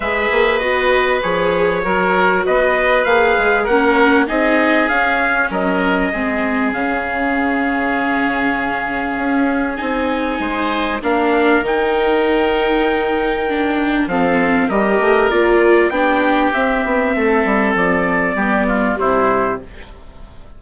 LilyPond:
<<
  \new Staff \with { instrumentName = "trumpet" } { \time 4/4 \tempo 4 = 98 e''4 dis''4 cis''2 | dis''4 f''4 fis''4 dis''4 | f''4 dis''2 f''4~ | f''1 |
gis''2 f''4 g''4~ | g''2. f''4 | dis''4 d''4 g''4 e''4~ | e''4 d''2 c''4 | }
  \new Staff \with { instrumentName = "oboe" } { \time 4/4 b'2. ais'4 | b'2 ais'4 gis'4~ | gis'4 ais'4 gis'2~ | gis'1~ |
gis'4 c''4 ais'2~ | ais'2. a'4 | ais'2 g'2 | a'2 g'8 f'8 e'4 | }
  \new Staff \with { instrumentName = "viola" } { \time 4/4 gis'4 fis'4 gis'4 fis'4~ | fis'4 gis'4 cis'4 dis'4 | cis'2 c'4 cis'4~ | cis'1 |
dis'2 d'4 dis'4~ | dis'2 d'4 c'4 | g'4 f'4 d'4 c'4~ | c'2 b4 g4 | }
  \new Staff \with { instrumentName = "bassoon" } { \time 4/4 gis8 ais8 b4 f4 fis4 | b4 ais8 gis8 ais4 c'4 | cis'4 fis4 gis4 cis4~ | cis2. cis'4 |
c'4 gis4 ais4 dis4~ | dis2. f4 | g8 a8 ais4 b4 c'8 b8 | a8 g8 f4 g4 c4 | }
>>